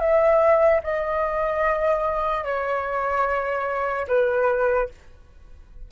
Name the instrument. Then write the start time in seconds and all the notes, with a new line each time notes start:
flute
0.00 E5
0.83 D#5
2.44 C#5
4.08 B4